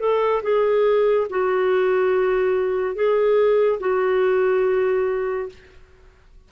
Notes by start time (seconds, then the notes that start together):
0.00 A4
0.43 G#4
1.30 F#4
2.95 G#4
3.80 F#4